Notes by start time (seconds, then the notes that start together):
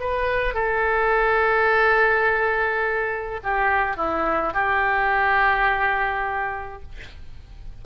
0.00 B4
0.55 A4
3.44 G4
3.97 E4
4.54 G4